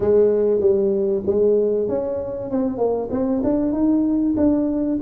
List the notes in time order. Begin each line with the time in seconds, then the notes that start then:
0.00 G#3
0.60 G3
1.26 G#3
1.88 C#4
2.50 C4
2.77 A#3
3.11 C4
3.43 D4
3.72 D#4
4.36 D4